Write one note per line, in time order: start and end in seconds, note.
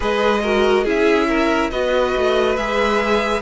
0.00 0.85 G#3
0.00 0.43 G#4
0.00 0.40 B4
0.00 0.87 D#5
0.42 0.85 F#4
0.42 0.84 A#4
0.84 1.71 C#4
0.84 1.71 E4
0.84 1.27 G#4
0.84 1.70 E5
1.27 1.70 A#4
1.70 2.14 B3
1.70 2.57 F#4
1.70 3.41 B4
1.70 2.56 D#5
2.16 2.57 A3
2.56 3.41 G#3
2.56 3.41 G#4
2.56 3.41 E5